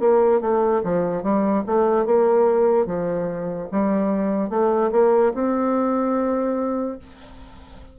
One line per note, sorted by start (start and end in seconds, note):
0.00 0.41 A#3
0.41 0.82 A3
0.84 1.23 F3
1.23 1.64 G3
1.67 2.06 A3
2.06 2.86 A#3
2.86 3.68 F3
3.72 4.50 G3
4.50 4.91 A3
4.92 5.33 A#3
5.34 6.99 C4